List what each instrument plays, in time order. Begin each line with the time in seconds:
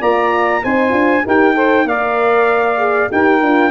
0.00 tuba A#3, horn F4, saxophone D5, trumpet A#5
0.63 tuba C4, horn D#4, saxophone C5, trumpet G#5
0.90 tuba D4, horn F4
1.24 tuba D#4, horn G4, saxophone A#4, trumpet G5
1.55 horn A4, saxophone C5
1.85 tuba A#3, horn A#4, saxophone D5, trumpet F5
2.78 horn G#4
3.10 tuba D#4, horn G4, saxophone A#4, trumpet G5
3.42 tuba D4, horn F4